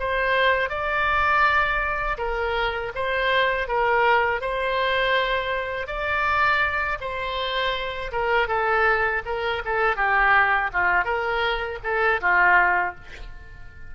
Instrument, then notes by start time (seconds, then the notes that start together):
oboe
0.00 C5
0.70 D5
2.19 A#4
2.95 C5
3.68 A#4
4.41 C5
5.88 D5
7.01 C5
8.12 A#4
8.48 A4
9.26 A#4
9.66 A4
9.97 G4
10.74 F4
11.05 A#4
11.84 A4
12.22 F4